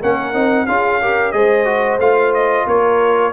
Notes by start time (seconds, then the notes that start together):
0.00 A#3 C#4 A#4 F#5
0.34 C4 D#4
0.67 C#4 F4 G#4 F5
1.01 G4 A#4
1.32 G#3 G#4 C5 D#5
1.65 F#4
1.99 A3 F4 F5
2.34 D#5
2.67 A#3 A#4 C#5